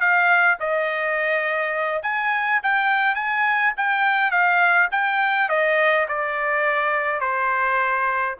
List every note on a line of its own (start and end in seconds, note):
0.00 0.58 F5
0.60 2.03 D#5
2.03 2.60 G#5
2.63 3.15 G5
3.15 3.73 G#5
3.77 4.31 G5
4.31 4.89 F5
4.91 5.49 G5
5.49 6.07 D#5
6.08 7.20 D5
7.20 8.35 C5